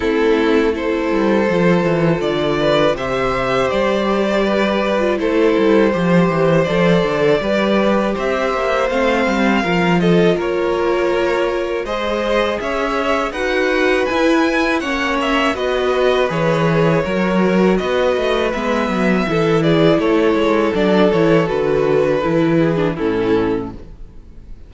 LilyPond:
<<
  \new Staff \with { instrumentName = "violin" } { \time 4/4 \tempo 4 = 81 a'4 c''2 d''4 | e''4 d''2 c''4~ | c''4 d''2 e''4 | f''4. dis''8 cis''2 |
dis''4 e''4 fis''4 gis''4 | fis''8 e''8 dis''4 cis''2 | dis''4 e''4. d''8 cis''4 | d''8 cis''8 b'2 a'4 | }
  \new Staff \with { instrumentName = "violin" } { \time 4/4 e'4 a'2~ a'8 b'8 | c''2 b'4 a'4 | c''2 b'4 c''4~ | c''4 ais'8 a'8 ais'2 |
c''4 cis''4 b'2 | cis''4 b'2 ais'4 | b'2 a'8 gis'8 a'4~ | a'2~ a'8 gis'8 e'4 | }
  \new Staff \with { instrumentName = "viola" } { \time 4/4 c'4 e'4 f'2 | g'2~ g'8. f'16 e'4 | g'4 a'4 g'2 | c'4 f'2. |
gis'2 fis'4 e'4 | cis'4 fis'4 gis'4 fis'4~ | fis'4 b4 e'2 | d'8 e'8 fis'4 e'8. d'16 cis'4 | }
  \new Staff \with { instrumentName = "cello" } { \time 4/4 a4. g8 f8 e8 d4 | c4 g2 a8 g8 | f8 e8 f8 d8 g4 c'8 ais8 | a8 g8 f4 ais2 |
gis4 cis'4 dis'4 e'4 | ais4 b4 e4 fis4 | b8 a8 gis8 fis8 e4 a8 gis8 | fis8 e8 d4 e4 a,4 | }
>>